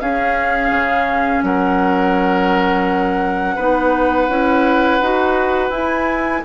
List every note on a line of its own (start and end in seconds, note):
0.00 0.70 C#4
0.00 3.59 C#4
0.00 1.45 G#4
0.00 1.43 F5
0.70 1.42 C#3
1.43 3.57 F#3
1.43 3.56 A#4
1.43 5.72 F#5
3.56 4.28 B3
3.56 4.29 D#4
3.56 6.41 B4
4.28 5.00 C#4
4.28 5.01 E4
5.01 5.70 D#4
5.01 5.71 F#4
5.70 6.41 E4
5.70 6.42 E4
5.70 6.43 G#5